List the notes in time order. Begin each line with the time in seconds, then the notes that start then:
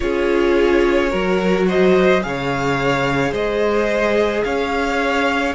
0.00 C#4 F4 G#4 C#5
1.09 F#3 F#4 A#4
1.67 C5 D#5
2.22 C#3 G#4 C#5 F5
3.32 G#3 C5 D#5
4.44 C#4 C#5 F5